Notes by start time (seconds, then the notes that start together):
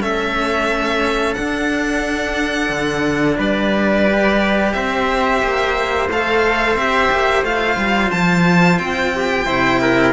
0.00 A3 C#4 A4 E5
1.34 D4 F#5
2.69 D3
3.37 G3 B4 D5
4.06 G4
4.72 C4 C5 E5
5.42 A#3
6.09 A3 A4 F5
6.75 C4 G4 E5
7.12 A#3
7.43 A3 F4 F5
7.77 G3
8.11 F3 A5
8.78 C4 G5
9.15 G4
9.45 C3 E4 C5
9.81 A#4